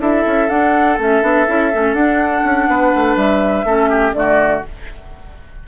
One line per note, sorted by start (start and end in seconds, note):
0.00 0.25 D4
0.00 0.49 E4
0.00 2.69 A4
0.00 0.49 E5
0.27 0.49 C#4
0.49 0.98 D4
0.49 0.98 F#5
0.98 1.22 A3
0.98 1.22 C#4
0.98 1.94 E5
1.22 1.47 B3
1.22 1.46 D4
1.48 1.74 C#4
1.48 1.72 E4
1.73 1.94 A3
1.73 1.97 C#4
1.94 2.43 D4
1.94 3.67 D4
1.94 3.16 F#5
2.44 2.68 C#4
2.69 2.93 B3
2.69 3.66 B4
2.96 3.16 A3
3.16 3.65 G3
3.16 4.14 E5
3.65 4.13 A3
3.65 4.14 C#4
3.65 3.90 A4
3.90 4.14 G4
4.13 4.62 D3
4.13 4.63 A3
4.13 4.68 F#4
4.13 4.63 D5